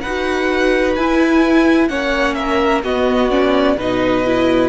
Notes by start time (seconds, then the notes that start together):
0.00 D#4 B4 F#5
0.06 F#4
0.95 E4 G#5
1.88 A#3 C#4 C#5 F#5
2.34 A#4 E5
2.83 B3 F#4 D#5
3.30 C#4 D5
3.76 B2 D#4 B4 D#5
4.24 E4